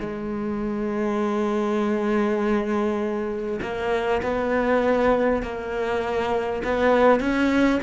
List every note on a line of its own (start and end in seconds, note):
0.00 3.60 G#3
3.62 4.22 A#3
4.22 5.42 B3
5.42 6.62 A#3
6.64 7.20 B3
7.20 7.80 C#4